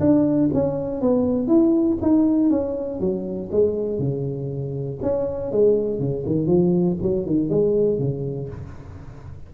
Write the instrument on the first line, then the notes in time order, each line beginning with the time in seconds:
tuba
0.00 D4
0.53 C#4
1.01 B3
1.48 E4
2.01 D#4
2.50 C#4
3.00 F#3
3.51 G#3
3.99 C#3
5.02 C#4
5.51 G#3
5.99 C#3
6.26 D#3
6.46 F3
7.02 F#3
7.26 D#3
7.50 G#3
7.99 C#3